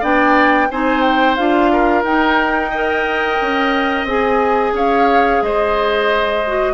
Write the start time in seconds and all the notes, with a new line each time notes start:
0.00 B3 D4 D5 G5
0.71 C4 D#4 C5 G#5
1.01 G5
1.36 D4 F4 F5
1.72 A#4
2.03 D#4 G5
2.70 A#4 D#5
3.41 C#4
4.04 C4 G#4 G#5
4.73 C#4 C#5 F5
5.42 G#3 C5 D#5
6.47 F#4